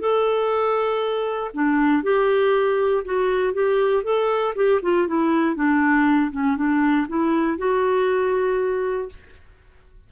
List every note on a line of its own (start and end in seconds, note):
0.00 1.51 A4
1.54 2.03 D4
2.03 3.04 G4
3.05 3.54 F#4
3.54 4.04 G4
4.04 4.54 A4
4.56 4.81 G4
4.82 5.08 F4
5.08 5.56 E4
5.56 6.31 D4
6.32 6.57 C#4
6.57 7.07 D4
7.08 7.58 E4
7.58 9.09 F#4